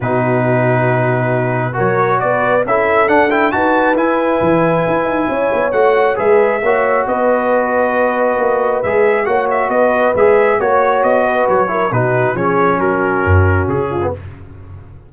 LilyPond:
<<
  \new Staff \with { instrumentName = "trumpet" } { \time 4/4 \tempo 4 = 136 b'1 | cis''4 d''4 e''4 fis''8 g''8 | a''4 gis''2.~ | gis''4 fis''4 e''2 |
dis''1 | e''4 fis''8 e''8 dis''4 e''4 | cis''4 dis''4 cis''4 b'4 | cis''4 ais'2 gis'4 | }
  \new Staff \with { instrumentName = "horn" } { \time 4/4 fis'1 | ais'4 b'4 a'2 | b'1 | cis''2 b'4 cis''4 |
b'1~ | b'4 cis''4 b'2 | cis''4. b'4 ais'8 fis'4 | gis'4 fis'2~ fis'8 f'8 | }
  \new Staff \with { instrumentName = "trombone" } { \time 4/4 dis'1 | fis'2 e'4 d'8 e'8 | fis'4 e'2.~ | e'4 fis'4 gis'4 fis'4~ |
fis'1 | gis'4 fis'2 gis'4 | fis'2~ fis'8 e'8 dis'4 | cis'2.~ cis'8. b16 | }
  \new Staff \with { instrumentName = "tuba" } { \time 4/4 b,1 | fis4 b4 cis'4 d'4 | dis'4 e'4 e4 e'8 dis'8 | cis'8 b8 a4 gis4 ais4 |
b2. ais4 | gis4 ais4 b4 gis4 | ais4 b4 fis4 b,4 | f4 fis4 fis,4 cis4 | }
>>